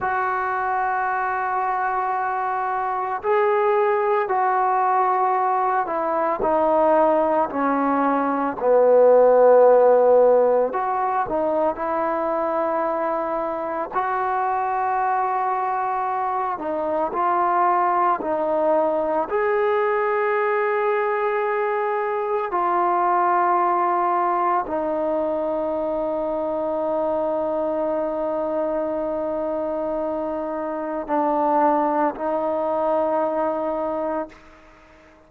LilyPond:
\new Staff \with { instrumentName = "trombone" } { \time 4/4 \tempo 4 = 56 fis'2. gis'4 | fis'4. e'8 dis'4 cis'4 | b2 fis'8 dis'8 e'4~ | e'4 fis'2~ fis'8 dis'8 |
f'4 dis'4 gis'2~ | gis'4 f'2 dis'4~ | dis'1~ | dis'4 d'4 dis'2 | }